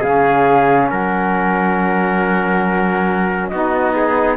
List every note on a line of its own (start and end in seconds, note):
0.00 0.90 C#3
0.00 3.51 C#4
0.00 0.87 G#4
0.00 0.90 F5
0.89 3.52 F#3
0.89 3.50 A#4
0.89 3.48 F#5
3.48 4.36 B3
3.48 4.36 D#4
3.48 3.94 F#4
3.48 4.35 D#5
3.95 4.36 G#4